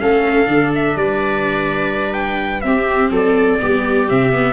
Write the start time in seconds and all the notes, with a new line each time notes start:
0.00 A3 C#4 A4 F5
0.46 D3 D4
0.74 E5
0.96 G3 B4 D5
2.13 G5
2.61 C4 G4 E5
3.10 F#3 A4 D5
3.60 G3 B3 G4
4.08 C3 C4 E5
4.32 B3